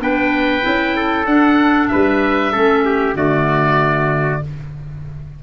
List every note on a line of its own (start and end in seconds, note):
0.00 0.64 B3
0.00 0.62 D4
0.00 0.96 B4
0.00 1.27 G5
0.62 1.26 C#4
0.62 1.26 E4
0.96 1.91 A4
1.26 1.89 D4
1.26 2.53 D4
1.26 1.88 F#5
1.88 2.56 G3
1.88 2.52 B4
1.88 3.14 E5
2.52 3.15 A3
2.52 3.15 C#4
2.52 2.84 A4
2.85 3.17 G4
3.15 4.41 D3
3.15 4.42 A3
3.15 4.43 F#4
3.15 4.43 D5